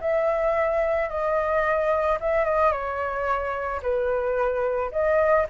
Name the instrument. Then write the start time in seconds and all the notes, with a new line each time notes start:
flute
0.00 E5
1.09 D#5
2.20 E5
2.44 D#5
2.72 C#5
3.82 B4
4.91 D#5